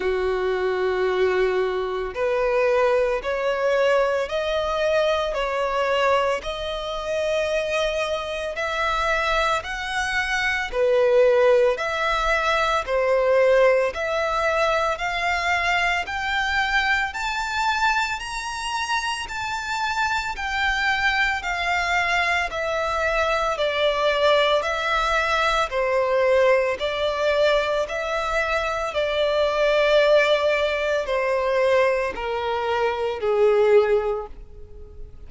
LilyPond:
\new Staff \with { instrumentName = "violin" } { \time 4/4 \tempo 4 = 56 fis'2 b'4 cis''4 | dis''4 cis''4 dis''2 | e''4 fis''4 b'4 e''4 | c''4 e''4 f''4 g''4 |
a''4 ais''4 a''4 g''4 | f''4 e''4 d''4 e''4 | c''4 d''4 e''4 d''4~ | d''4 c''4 ais'4 gis'4 | }